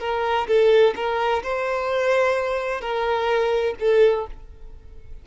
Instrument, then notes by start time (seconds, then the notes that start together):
violin
0.00 A#4
0.48 A4
0.96 A#4
1.43 C5
2.81 A#4
3.80 A4